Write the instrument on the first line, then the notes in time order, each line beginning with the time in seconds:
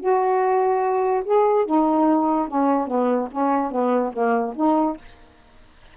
saxophone
0.00 F#4
1.25 G#4
1.66 D#4
2.48 C#4
2.87 B3
3.31 C#4
3.71 B3
4.13 A#3
4.56 D#4